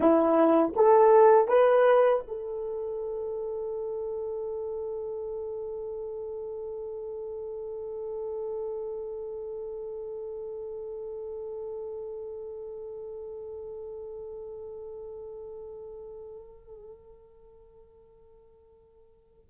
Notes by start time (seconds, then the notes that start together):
0.00 E4
0.76 A4
1.48 B4
2.27 A4